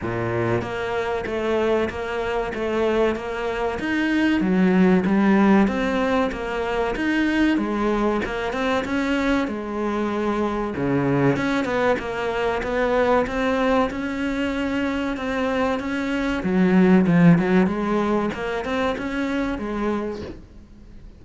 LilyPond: \new Staff \with { instrumentName = "cello" } { \time 4/4 \tempo 4 = 95 ais,4 ais4 a4 ais4 | a4 ais4 dis'4 fis4 | g4 c'4 ais4 dis'4 | gis4 ais8 c'8 cis'4 gis4~ |
gis4 cis4 cis'8 b8 ais4 | b4 c'4 cis'2 | c'4 cis'4 fis4 f8 fis8 | gis4 ais8 c'8 cis'4 gis4 | }